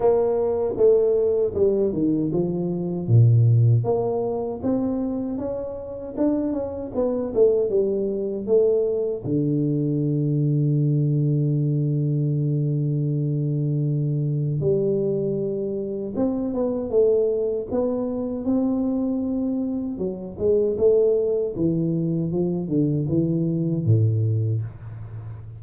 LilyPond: \new Staff \with { instrumentName = "tuba" } { \time 4/4 \tempo 4 = 78 ais4 a4 g8 dis8 f4 | ais,4 ais4 c'4 cis'4 | d'8 cis'8 b8 a8 g4 a4 | d1~ |
d2. g4~ | g4 c'8 b8 a4 b4 | c'2 fis8 gis8 a4 | e4 f8 d8 e4 a,4 | }